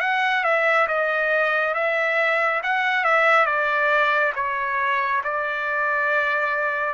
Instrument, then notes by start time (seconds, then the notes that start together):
trumpet
0.00 F#5
0.43 E5
0.88 D#5
1.74 E5
2.63 F#5
3.04 E5
3.46 D5
4.35 C#5
5.23 D5